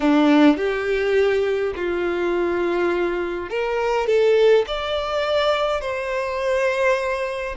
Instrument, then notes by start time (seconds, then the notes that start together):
violin
0.00 D4
0.56 G4
1.75 F4
3.49 A#4
4.06 A4
4.67 D5
5.80 C5